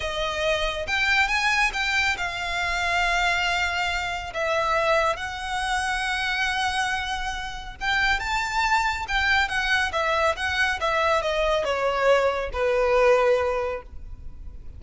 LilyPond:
\new Staff \with { instrumentName = "violin" } { \time 4/4 \tempo 4 = 139 dis''2 g''4 gis''4 | g''4 f''2.~ | f''2 e''2 | fis''1~ |
fis''2 g''4 a''4~ | a''4 g''4 fis''4 e''4 | fis''4 e''4 dis''4 cis''4~ | cis''4 b'2. | }